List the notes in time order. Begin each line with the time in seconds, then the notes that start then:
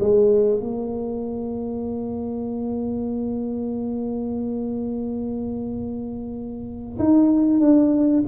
0.00 G#3
0.60 A#3
6.99 D#4
7.60 D4